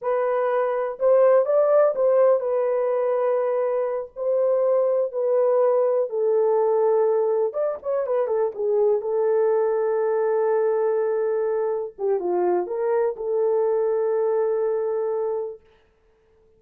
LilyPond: \new Staff \with { instrumentName = "horn" } { \time 4/4 \tempo 4 = 123 b'2 c''4 d''4 | c''4 b'2.~ | b'8 c''2 b'4.~ | b'8 a'2. d''8 |
cis''8 b'8 a'8 gis'4 a'4.~ | a'1~ | a'8 g'8 f'4 ais'4 a'4~ | a'1 | }